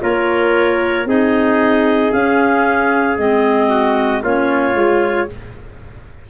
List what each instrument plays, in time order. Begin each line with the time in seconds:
0.00 tuba A#3, clarinet F4 C#5, trumpet A#4
1.05 tuba C4, clarinet D#4 D#5, trumpet G#4
2.12 clarinet C#4 F5, tuba C#4
3.17 tuba G#3, clarinet C4 D#5
3.69 trumpet F#4
4.22 tuba A#3, clarinet C#4 C#5, trumpet F4
4.74 tuba G#3, clarinet F4